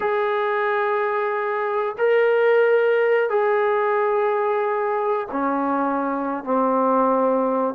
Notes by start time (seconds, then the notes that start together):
0.00 G#4
1.98 A#4
3.29 G#4
5.31 C#4
6.43 C4